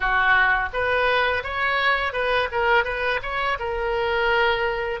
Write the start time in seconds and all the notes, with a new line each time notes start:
0.00 F#4
0.73 B4
1.43 C#5
2.12 B4
2.51 A#4
2.84 B4
3.22 C#5
3.59 A#4